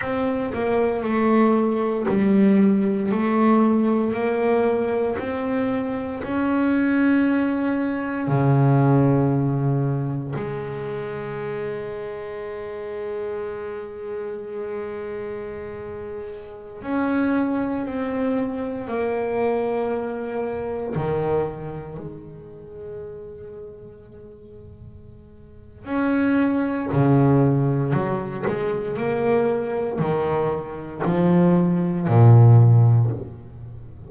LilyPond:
\new Staff \with { instrumentName = "double bass" } { \time 4/4 \tempo 4 = 58 c'8 ais8 a4 g4 a4 | ais4 c'4 cis'2 | cis2 gis2~ | gis1~ |
gis16 cis'4 c'4 ais4.~ ais16~ | ais16 dis4 gis2~ gis8.~ | gis4 cis'4 cis4 fis8 gis8 | ais4 dis4 f4 ais,4 | }